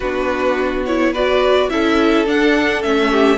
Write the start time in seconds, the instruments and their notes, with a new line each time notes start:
0.00 cello B3, viola D4, violin F#4 B4
0.85 viola E4, violin C#5
1.12 viola F#4, violin B4 D5
1.69 cello C#4, viola E4, violin A4 E5
2.26 viola D4, cello D4, violin F#5
2.82 cello A3, viola C#4, violin E5
3.11 violin G4